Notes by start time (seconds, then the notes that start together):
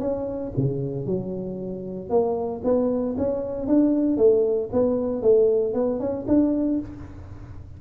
0.00 C#4
0.57 C#3
1.06 F#3
2.10 A#3
2.64 B3
3.18 C#4
3.68 D4
4.17 A3
4.73 B3
5.22 A3
5.74 B3
6.00 C#4
6.28 D4